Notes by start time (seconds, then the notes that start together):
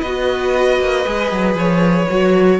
0.00 B3 F#4 B4 D#5
0.79 A#3
1.05 G#3 G#4
1.32 F#3
1.54 F3 C#5
2.10 F#3 F#4